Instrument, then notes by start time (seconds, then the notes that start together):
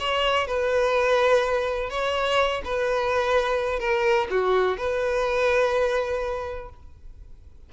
violin
0.00 C#5
0.47 B4
1.90 C#5
2.65 B4
3.79 A#4
4.30 F#4
4.78 B4